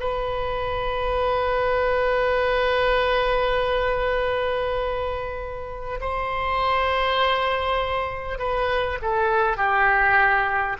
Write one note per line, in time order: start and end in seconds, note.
0.00 6.00 B4
6.01 8.38 C5
8.38 8.98 B4
9.02 9.57 A4
9.57 10.77 G4